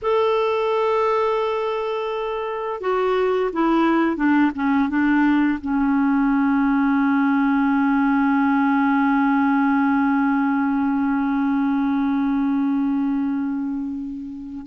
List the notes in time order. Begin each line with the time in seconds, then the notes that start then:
0.02 A4
2.80 F#4
3.52 E4
4.16 D4
4.55 C#4
4.89 D4
5.61 C#4